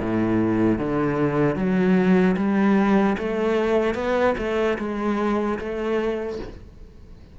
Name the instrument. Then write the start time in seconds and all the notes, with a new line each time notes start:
cello
0.00 A2
0.78 D3
1.55 F#3
2.36 G3
3.18 A3
3.95 B3
4.37 A3
4.78 G#3
5.59 A3